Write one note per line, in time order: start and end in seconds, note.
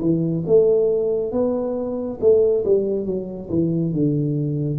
0.00 0.43 E3
0.46 1.32 A3
1.32 2.19 B3
2.21 2.64 A3
2.65 3.06 G3
3.06 3.49 F#3
3.50 3.92 E3
3.92 4.79 D3